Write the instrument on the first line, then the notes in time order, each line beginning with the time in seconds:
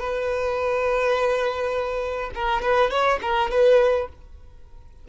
violin
0.00 B4
2.35 A#4
2.62 B4
2.91 C#5
3.22 A#4
3.51 B4